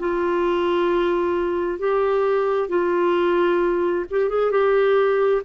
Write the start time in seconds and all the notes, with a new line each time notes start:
0.00 F4
1.79 G4
2.69 F4
4.11 G4
4.30 G#4
4.52 G4